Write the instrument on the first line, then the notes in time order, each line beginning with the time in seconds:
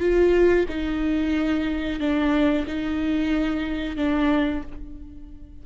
viola
0.00 F4
0.69 D#4
2.00 D4
2.67 D#4
3.97 D4